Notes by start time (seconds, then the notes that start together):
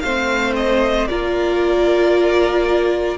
0.00 A3 C4 C5 F5
0.55 D#5
1.07 A#3 F4 A#4 D5